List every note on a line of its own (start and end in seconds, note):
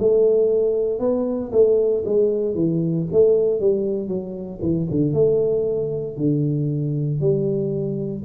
0.00 1.00 A3
1.00 1.51 B3
1.52 2.04 A3
2.06 2.55 G#3
2.55 3.07 E3
3.13 3.60 A3
3.60 4.09 G3
4.09 4.60 F#3
4.62 4.88 E3
4.91 5.14 D3
5.14 6.17 A3
6.17 7.21 D3
7.21 8.24 G3